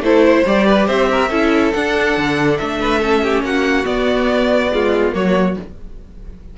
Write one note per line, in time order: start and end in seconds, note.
0.00 0.43 A3
0.00 0.45 E4
0.00 0.25 A4
0.00 0.47 C5
0.25 0.67 C5
0.45 0.88 G3
0.45 1.31 G4
0.45 0.88 D5
0.67 0.87 B4
0.87 1.30 C4
0.87 1.08 C5
0.87 1.73 E5
1.11 1.29 A#4
1.29 1.73 C#4
1.29 1.74 E4
1.29 2.78 A4
1.73 2.17 D4
1.73 3.02 D4
1.73 2.58 F#5
2.17 2.60 D3
2.58 3.42 A3
2.58 3.43 E5
2.81 3.00 B4
3.00 3.84 C#4
3.00 3.21 A4
3.23 3.44 G4
3.42 3.85 A#3
3.42 4.73 F#4
3.42 3.86 F#5
3.84 4.69 B3
3.84 5.14 B3
3.84 5.13 D5
4.71 5.12 G#3
4.71 5.15 F4
5.12 5.57 F#3
5.12 5.55 A#3
5.12 5.58 F#4
5.12 5.57 C#5